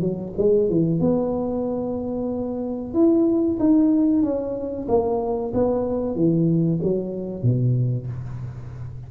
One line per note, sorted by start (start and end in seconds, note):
0.00 0.32 F#3
0.37 0.70 G#3
0.70 1.00 E3
1.00 2.94 B3
2.94 3.58 E4
3.59 4.22 D#4
4.22 4.87 C#4
4.88 5.52 A#3
5.54 6.15 B3
6.15 6.80 E3
6.83 7.42 F#3
7.42 8.07 B2